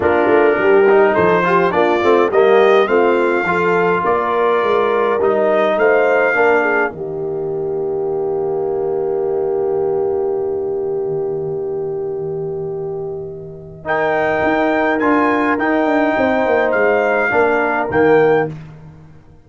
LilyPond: <<
  \new Staff \with { instrumentName = "trumpet" } { \time 4/4 \tempo 4 = 104 ais'2 c''4 d''4 | dis''4 f''2 d''4~ | d''4 dis''4 f''2 | dis''1~ |
dis''1~ | dis''1 | g''2 gis''4 g''4~ | g''4 f''2 g''4 | }
  \new Staff \with { instrumentName = "horn" } { \time 4/4 f'4 g'4 a'8 g'8 f'4 | g'4 f'4 a'4 ais'4~ | ais'2 c''4 ais'8 gis'8 | g'1~ |
g'1~ | g'1 | ais'1 | c''2 ais'2 | }
  \new Staff \with { instrumentName = "trombone" } { \time 4/4 d'4. dis'4 f'8 d'8 c'8 | ais4 c'4 f'2~ | f'4 dis'2 d'4 | ais1~ |
ais1~ | ais1 | dis'2 f'4 dis'4~ | dis'2 d'4 ais4 | }
  \new Staff \with { instrumentName = "tuba" } { \time 4/4 ais8 a8 g4 f4 ais8 a8 | g4 a4 f4 ais4 | gis4 g4 a4 ais4 | dis1~ |
dis1~ | dis1~ | dis4 dis'4 d'4 dis'8 d'8 | c'8 ais8 gis4 ais4 dis4 | }
>>